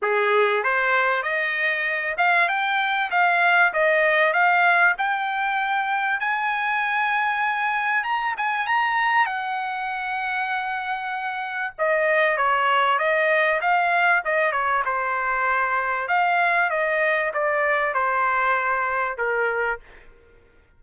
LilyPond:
\new Staff \with { instrumentName = "trumpet" } { \time 4/4 \tempo 4 = 97 gis'4 c''4 dis''4. f''8 | g''4 f''4 dis''4 f''4 | g''2 gis''2~ | gis''4 ais''8 gis''8 ais''4 fis''4~ |
fis''2. dis''4 | cis''4 dis''4 f''4 dis''8 cis''8 | c''2 f''4 dis''4 | d''4 c''2 ais'4 | }